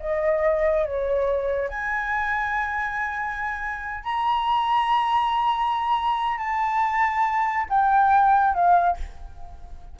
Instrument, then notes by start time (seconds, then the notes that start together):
flute
0.00 D#5
0.86 C#5
1.69 G#5
4.04 A#5
6.38 A5
7.70 G5
8.54 F5